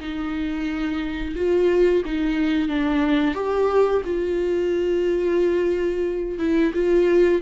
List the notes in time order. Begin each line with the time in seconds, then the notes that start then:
0.00 D#4
1.35 F4
2.05 D#4
2.68 D4
3.35 G4
4.05 F4
6.39 E4
6.74 F4